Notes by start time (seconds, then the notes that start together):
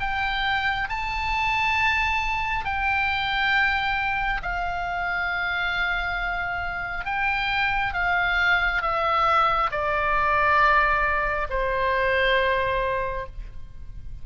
0.00 G5
0.89 A5
2.65 G5
4.42 F5
7.05 G5
7.94 F5
8.82 E5
9.71 D5
11.50 C5